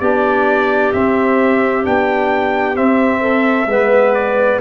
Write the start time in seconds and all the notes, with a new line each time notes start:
0.00 B3 D4 G4 D5
0.93 C4 E5
1.84 B3 D4 G5
2.75 C4 E5
3.21 A4
3.66 G#3 B3 B4
4.14 D5